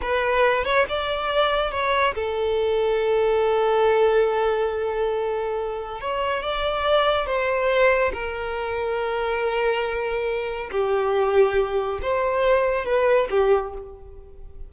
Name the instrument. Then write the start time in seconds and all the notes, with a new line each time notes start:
violin
0.01 B4
0.64 C#5
0.88 D5
1.71 C#5
2.14 A4
6.00 C#5
6.42 D5
7.26 C5
8.13 A#4
10.71 G4
12.01 C5
12.85 B4
13.30 G4